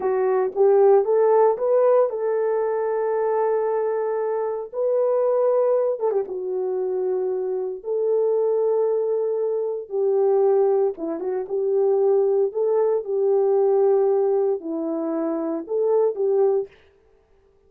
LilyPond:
\new Staff \with { instrumentName = "horn" } { \time 4/4 \tempo 4 = 115 fis'4 g'4 a'4 b'4 | a'1~ | a'4 b'2~ b'8 a'16 g'16 | fis'2. a'4~ |
a'2. g'4~ | g'4 e'8 fis'8 g'2 | a'4 g'2. | e'2 a'4 g'4 | }